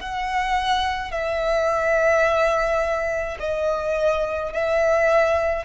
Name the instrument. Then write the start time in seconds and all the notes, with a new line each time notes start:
violin
0.00 F#5
1.11 E5
3.39 D#5
4.52 E5